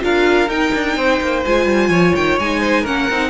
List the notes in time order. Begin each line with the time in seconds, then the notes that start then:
0.00 D4 F4 A#4 F5
0.48 D#4 G5
0.74 D4
0.96 C4 C5
1.21 A#3
1.45 G#3 F4 G#5
1.65 G3
1.89 F3 C#5
2.15 D#3 G5
2.39 G#3 D#4 G#5
2.60 C5
2.81 A#3 C#4 A#4 F#5
3.09 C4 D#4